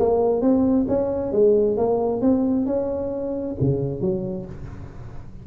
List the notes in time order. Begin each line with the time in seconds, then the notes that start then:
0.00 A#3
0.42 C4
0.89 C#4
1.32 G#3
1.77 A#3
2.22 C4
2.67 C#4
3.61 C#3
4.01 F#3